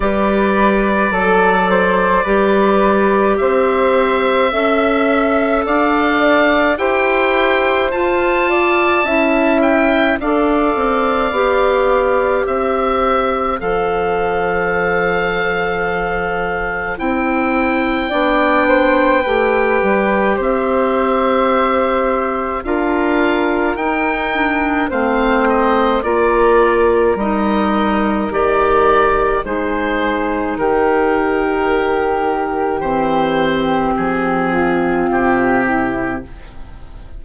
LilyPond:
<<
  \new Staff \with { instrumentName = "oboe" } { \time 4/4 \tempo 4 = 53 d''2. e''4~ | e''4 f''4 g''4 a''4~ | a''8 g''8 f''2 e''4 | f''2. g''4~ |
g''2 e''2 | f''4 g''4 f''8 dis''8 d''4 | dis''4 d''4 c''4 ais'4~ | ais'4 c''4 gis'4 g'4 | }
  \new Staff \with { instrumentName = "flute" } { \time 4/4 b'4 a'8 c''8 b'4 c''4 | e''4 d''4 c''4. d''8 | e''4 d''2 c''4~ | c''1 |
d''8 c''8 b'4 c''2 | ais'2 c''4 ais'4~ | ais'2 gis'4 g'4~ | g'2~ g'8 f'4 e'8 | }
  \new Staff \with { instrumentName = "clarinet" } { \time 4/4 g'4 a'4 g'2 | a'2 g'4 f'4 | e'4 a'4 g'2 | a'2. e'4 |
d'4 g'2. | f'4 dis'8 d'8 c'4 f'4 | dis'4 g'4 dis'2~ | dis'4 c'2. | }
  \new Staff \with { instrumentName = "bassoon" } { \time 4/4 g4 fis4 g4 c'4 | cis'4 d'4 e'4 f'4 | cis'4 d'8 c'8 b4 c'4 | f2. c'4 |
b4 a8 g8 c'2 | d'4 dis'4 a4 ais4 | g4 dis4 gis4 dis4~ | dis4 e4 f4 c4 | }
>>